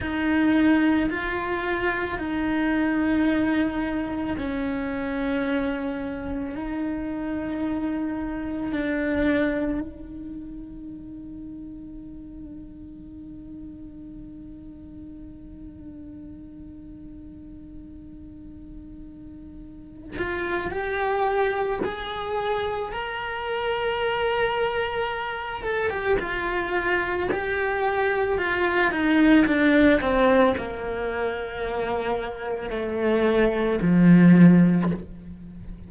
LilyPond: \new Staff \with { instrumentName = "cello" } { \time 4/4 \tempo 4 = 55 dis'4 f'4 dis'2 | cis'2 dis'2 | d'4 dis'2.~ | dis'1~ |
dis'2~ dis'8 f'8 g'4 | gis'4 ais'2~ ais'8 a'16 g'16 | f'4 g'4 f'8 dis'8 d'8 c'8 | ais2 a4 f4 | }